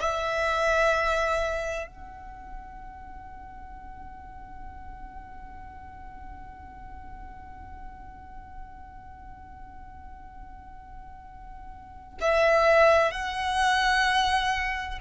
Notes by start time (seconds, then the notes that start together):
0.00 E5
1.87 F#5
12.20 E5
13.11 F#5